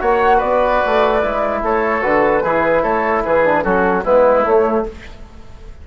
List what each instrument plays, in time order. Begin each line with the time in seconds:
0.00 bassoon A#3, trombone F#4, oboe C#5, flute F#5
0.37 bassoon B3, oboe B4, flute D5
0.85 bassoon A3
1.21 bassoon G#3, trombone E4
1.62 bassoon A3, oboe A4, flute C#5
2.01 bassoon D3, trombone F#4, flute B4
2.43 bassoon E3, trombone E4, oboe G#4
2.82 bassoon A3, oboe A4, flute C#5
3.24 bassoon E3, oboe G#4, flute B4
3.44 trombone D4
3.62 bassoon F#3, trombone C#4, oboe F#4, flute A4
4.04 bassoon G#3, trombone B3, oboe E4, flute B4
4.43 trombone A3, bassoon A3, flute C#5